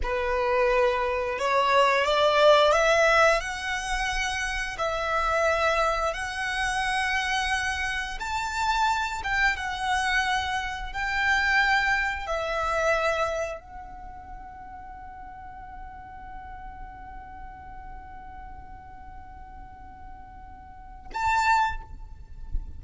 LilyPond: \new Staff \with { instrumentName = "violin" } { \time 4/4 \tempo 4 = 88 b'2 cis''4 d''4 | e''4 fis''2 e''4~ | e''4 fis''2. | a''4. g''8 fis''2 |
g''2 e''2 | fis''1~ | fis''1~ | fis''2. a''4 | }